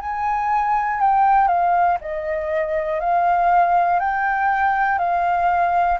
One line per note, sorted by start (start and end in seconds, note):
0.00 1.00 G#5
1.00 1.47 G5
1.47 1.97 F5
2.00 3.00 D#5
3.00 3.99 F5
3.99 4.98 G5
4.98 5.98 F5